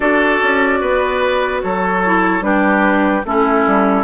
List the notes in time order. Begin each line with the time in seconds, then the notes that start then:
0.00 D4 F#4 A4 D5
0.42 C#4
0.80 B3 B4
1.61 F#3 A4 C#5
2.05 E4
2.41 G3 D4 G4 B4
3.25 A3 C#4 E4 A4
3.66 G3